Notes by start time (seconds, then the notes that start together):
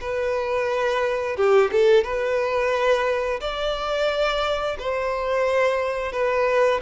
0.00 B4
1.36 G4
1.72 A4
2.04 B4
3.40 D5
4.79 C5
6.12 B4